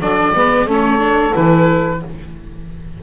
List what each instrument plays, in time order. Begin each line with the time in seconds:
0.00 double bass F#3, viola D4, saxophone A4, oboe D5
0.35 double bass G#3, viola B3, saxophone B4
0.66 double bass A3, viola C#4, saxophone A4
0.72 oboe C#5
0.98 viola D4
1.34 double bass E3, viola E4, oboe B4